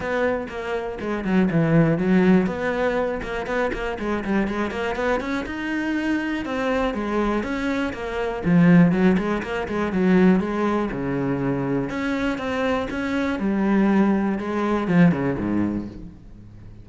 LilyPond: \new Staff \with { instrumentName = "cello" } { \time 4/4 \tempo 4 = 121 b4 ais4 gis8 fis8 e4 | fis4 b4. ais8 b8 ais8 | gis8 g8 gis8 ais8 b8 cis'8 dis'4~ | dis'4 c'4 gis4 cis'4 |
ais4 f4 fis8 gis8 ais8 gis8 | fis4 gis4 cis2 | cis'4 c'4 cis'4 g4~ | g4 gis4 f8 cis8 gis,4 | }